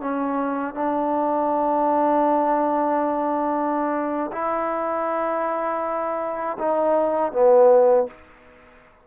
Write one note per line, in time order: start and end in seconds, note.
0.00 0.74 C#4
0.74 4.31 D4
4.32 6.57 E4
6.58 7.32 D#4
7.32 8.07 B3